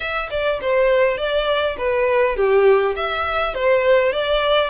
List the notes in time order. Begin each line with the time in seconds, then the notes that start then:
0.00 E5
0.30 D5
0.61 C5
1.17 D5
1.77 B4
2.36 G4
2.95 E5
3.54 C5
4.12 D5